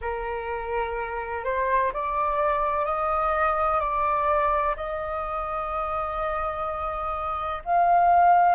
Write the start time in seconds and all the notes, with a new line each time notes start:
0.01 A#4
1.44 C5
1.93 D5
2.85 D#5
3.80 D5
4.76 D#5
7.65 F5